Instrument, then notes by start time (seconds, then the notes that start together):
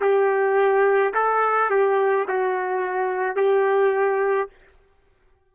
trumpet
0.00 G4
1.14 A4
1.70 G4
2.27 F#4
3.36 G4